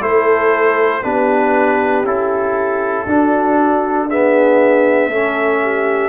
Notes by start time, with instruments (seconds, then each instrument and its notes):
0.00 tuba A3, trombone E4, horn A4, trumpet C5
1.03 tuba B3, trombone D4, horn G4, trumpet B4
2.03 tuba C#4, trombone E4, trumpet A4
3.06 tuba D4, trombone D4, horn F#4
4.07 trombone B3, horn G#4, trumpet E5
5.08 tuba A3, trombone C#4, horn A4
5.62 horn G4